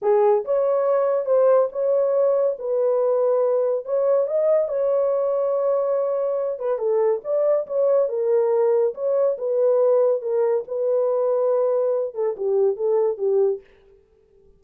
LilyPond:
\new Staff \with { instrumentName = "horn" } { \time 4/4 \tempo 4 = 141 gis'4 cis''2 c''4 | cis''2 b'2~ | b'4 cis''4 dis''4 cis''4~ | cis''2.~ cis''8 b'8 |
a'4 d''4 cis''4 ais'4~ | ais'4 cis''4 b'2 | ais'4 b'2.~ | b'8 a'8 g'4 a'4 g'4 | }